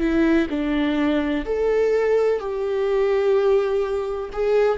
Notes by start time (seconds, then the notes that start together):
0.00 E4
0.50 D4
1.45 A4
2.40 G4
4.33 G#4